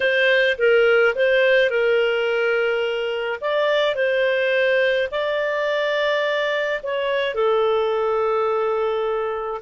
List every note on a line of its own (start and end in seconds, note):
0.00 0.57 C5
0.58 1.14 A#4
1.15 1.70 C5
1.70 3.39 A#4
3.41 3.95 D5
3.95 5.08 C5
5.11 6.81 D5
6.82 7.34 C#5
7.34 9.61 A4